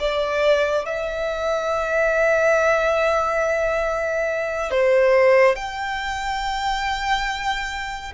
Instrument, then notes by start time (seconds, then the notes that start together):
violin
0.00 D5
0.86 E5
4.71 C5
5.56 G5